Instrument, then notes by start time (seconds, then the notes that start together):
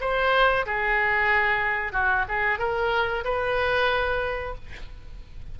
oboe
0.00 C5
0.66 G#4
1.92 F#4
2.28 G#4
2.58 A#4
3.24 B4